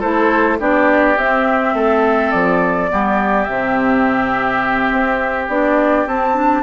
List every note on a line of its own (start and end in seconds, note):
0.00 0.59 A3
0.00 0.59 E4
0.00 0.58 A4
0.00 0.59 C5
0.59 1.17 B3
0.59 1.17 D4
0.59 1.75 G4
0.59 1.18 D5
1.17 1.74 C4
1.17 2.89 C4
1.17 2.31 E5
1.74 2.32 A3
1.74 2.90 A4
2.31 2.91 F3
2.31 3.44 D5
2.89 3.48 G3
2.89 3.47 B3
2.89 6.63 G4
3.44 4.91 C3
3.44 5.49 C4
3.44 5.46 E5
4.91 5.48 C4
5.48 6.06 B3
5.48 6.07 D4
5.48 6.07 D5
6.06 6.63 C4
6.06 6.35 C4
6.06 6.63 A5
6.35 6.63 D4